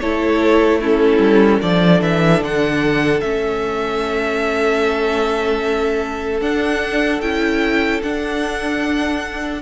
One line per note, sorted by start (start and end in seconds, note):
0.00 1.19 A3
0.00 0.82 E4
0.00 0.81 A4
0.00 0.80 C#5
0.81 1.62 C#4
0.81 1.61 E4
0.81 1.62 A4
1.19 1.59 G3
1.61 2.02 F3
1.61 3.22 D4
1.61 9.61 A4
1.61 2.02 D5
2.02 2.41 E3
2.02 2.43 E5
2.41 3.21 D3
2.41 3.21 F#5
3.21 6.42 A3
3.21 6.42 C#4
3.21 6.41 E5
6.42 7.22 D4
6.42 7.22 F#5
7.22 8.02 C#4
7.22 8.02 E4
7.22 8.02 G5
8.03 9.62 D4
8.03 9.62 F#5